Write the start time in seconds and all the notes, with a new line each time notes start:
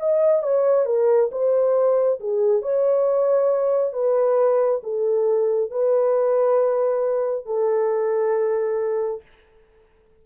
0.00 D#5
0.43 C#5
0.86 A#4
1.32 C5
2.21 G#4
2.63 C#5
3.93 B4
4.84 A4
5.71 B4
7.46 A4